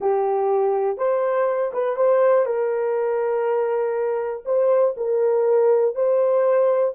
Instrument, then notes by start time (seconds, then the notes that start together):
horn
0.00 G4
0.97 C5
1.73 B4
1.96 C5
2.45 A#4
4.45 C5
4.96 A#4
5.95 C5